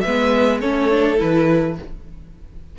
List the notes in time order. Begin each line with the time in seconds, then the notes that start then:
0.00 B4 E5
0.06 G#3 B3
0.60 A3 C#4 A4 C#5
0.90 D4
1.17 E3 E4 B4